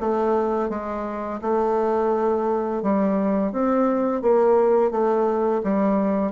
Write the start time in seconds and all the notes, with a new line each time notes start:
0.00 A3
0.69 G#3
1.41 A3
2.82 G3
3.52 C4
4.22 A#3
4.91 A3
5.63 G3